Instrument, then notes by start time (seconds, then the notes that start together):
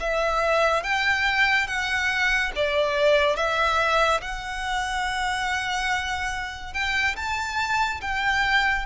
violin
0.00 E5
0.83 G5
1.67 F#5
2.55 D5
3.36 E5
4.21 F#5
6.73 G5
7.16 A5
8.01 G5